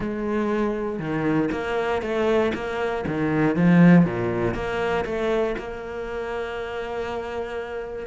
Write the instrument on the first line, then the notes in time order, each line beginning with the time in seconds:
cello
0.00 G#3
0.99 D#3
1.51 A#3
2.01 A3
2.54 A#3
3.07 D#3
3.56 F3
4.05 A#2
4.54 A#3
5.05 A3
5.58 A#3